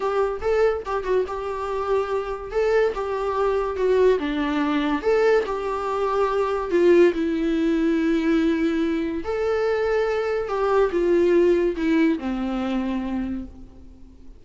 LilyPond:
\new Staff \with { instrumentName = "viola" } { \time 4/4 \tempo 4 = 143 g'4 a'4 g'8 fis'8 g'4~ | g'2 a'4 g'4~ | g'4 fis'4 d'2 | a'4 g'2. |
f'4 e'2.~ | e'2 a'2~ | a'4 g'4 f'2 | e'4 c'2. | }